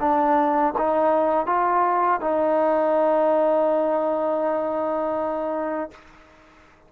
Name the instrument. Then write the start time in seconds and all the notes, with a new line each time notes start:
trombone
0.00 D4
0.78 D#4
1.46 F4
2.21 D#4